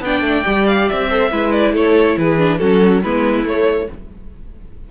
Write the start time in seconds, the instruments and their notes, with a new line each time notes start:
0.00 cello B3, viola D4, violin D5 G5
0.21 cello A3
0.45 cello G3, viola G4
0.67 violin F5
0.89 cello C4, violin E5
1.08 viola A4, violin C5
1.31 cello G#3, viola E4, violin B4
1.52 violin D5
1.73 cello A3, violin A4 C#5
2.17 cello E3, violin G#4 B4
2.38 viola D4
2.58 cello F#3, viola C#4, violin F#4 A4
3.03 cello G#3, viola B3, violin E4 B4
3.44 cello A3, viola A3, violin C#5